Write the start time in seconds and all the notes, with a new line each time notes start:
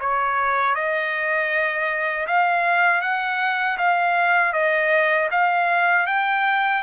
0.00 C#5
0.75 D#5
2.27 F5
3.01 F#5
3.78 F5
4.53 D#5
5.31 F5
6.07 G5